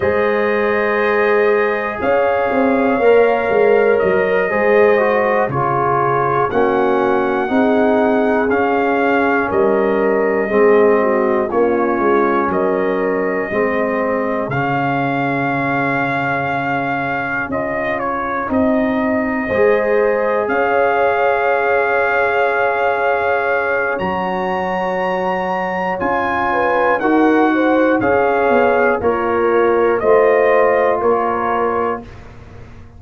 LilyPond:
<<
  \new Staff \with { instrumentName = "trumpet" } { \time 4/4 \tempo 4 = 60 dis''2 f''2 | dis''4. cis''4 fis''4.~ | fis''8 f''4 dis''2 cis''8~ | cis''8 dis''2 f''4.~ |
f''4. dis''8 cis''8 dis''4.~ | dis''8 f''2.~ f''8 | ais''2 gis''4 fis''4 | f''4 cis''4 dis''4 cis''4 | }
  \new Staff \with { instrumentName = "horn" } { \time 4/4 c''2 cis''2~ | cis''8 c''4 gis'4 fis'4 gis'8~ | gis'4. ais'4 gis'8 fis'8 f'8~ | f'8 ais'4 gis'2~ gis'8~ |
gis'2.~ gis'8 c''8~ | c''8 cis''2.~ cis''8~ | cis''2~ cis''8 b'8 ais'8 c''8 | cis''4 f'4 c''4 ais'4 | }
  \new Staff \with { instrumentName = "trombone" } { \time 4/4 gis'2. ais'4~ | ais'8 gis'8 fis'8 f'4 cis'4 dis'8~ | dis'8 cis'2 c'4 cis'8~ | cis'4. c'4 cis'4.~ |
cis'4. f'4 dis'4 gis'8~ | gis'1 | fis'2 f'4 fis'4 | gis'4 ais'4 f'2 | }
  \new Staff \with { instrumentName = "tuba" } { \time 4/4 gis2 cis'8 c'8 ais8 gis8 | fis8 gis4 cis4 ais4 c'8~ | c'8 cis'4 g4 gis4 ais8 | gis8 fis4 gis4 cis4.~ |
cis4. cis'4 c'4 gis8~ | gis8 cis'2.~ cis'8 | fis2 cis'4 dis'4 | cis'8 b8 ais4 a4 ais4 | }
>>